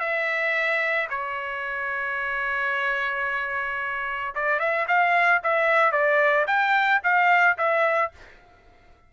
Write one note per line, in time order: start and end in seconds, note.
0.00 1.08 E5
1.10 4.34 C#5
4.35 4.59 D5
4.59 4.86 E5
4.88 5.42 F5
5.43 5.92 E5
5.92 6.46 D5
6.47 7.01 G5
7.03 7.57 F5
7.58 8.12 E5